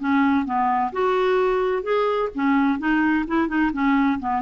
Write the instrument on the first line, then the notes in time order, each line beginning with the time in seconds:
clarinet
0.00 C#4
0.45 B3
0.93 F#4
1.83 G#4
2.35 C#4
2.79 D#4
3.27 E4
3.48 D#4
3.73 C#4
4.20 B3